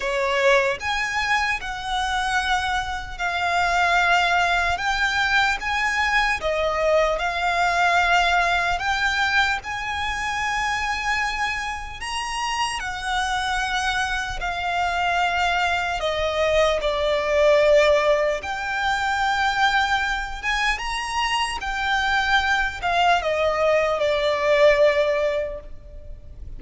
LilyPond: \new Staff \with { instrumentName = "violin" } { \time 4/4 \tempo 4 = 75 cis''4 gis''4 fis''2 | f''2 g''4 gis''4 | dis''4 f''2 g''4 | gis''2. ais''4 |
fis''2 f''2 | dis''4 d''2 g''4~ | g''4. gis''8 ais''4 g''4~ | g''8 f''8 dis''4 d''2 | }